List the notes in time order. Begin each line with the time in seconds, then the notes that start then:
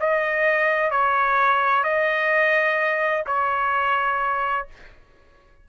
0.00 D#5
0.91 C#5
1.84 D#5
3.27 C#5